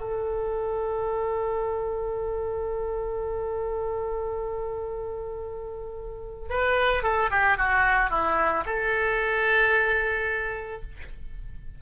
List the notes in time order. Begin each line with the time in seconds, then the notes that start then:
0.00 A4
6.49 B4
7.03 A4
7.31 G4
7.57 F#4
8.10 E4
8.66 A4